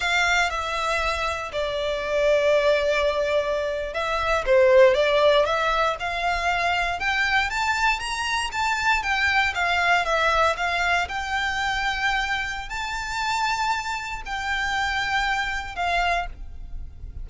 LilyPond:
\new Staff \with { instrumentName = "violin" } { \time 4/4 \tempo 4 = 118 f''4 e''2 d''4~ | d''2.~ d''8. e''16~ | e''8. c''4 d''4 e''4 f''16~ | f''4.~ f''16 g''4 a''4 ais''16~ |
ais''8. a''4 g''4 f''4 e''16~ | e''8. f''4 g''2~ g''16~ | g''4 a''2. | g''2. f''4 | }